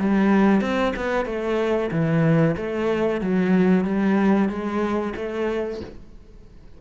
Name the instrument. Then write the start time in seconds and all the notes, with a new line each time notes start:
cello
0.00 G3
0.61 C4
0.96 B3
1.26 A3
1.91 E3
2.57 A3
3.21 F#3
3.85 G3
4.49 G#3
5.17 A3